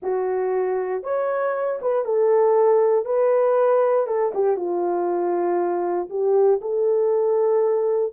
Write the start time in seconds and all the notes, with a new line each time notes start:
0.02 F#4
1.03 C#5
1.81 B4
2.05 A4
3.05 B4
4.07 A4
4.34 G4
4.56 F4
6.09 G4
6.61 A4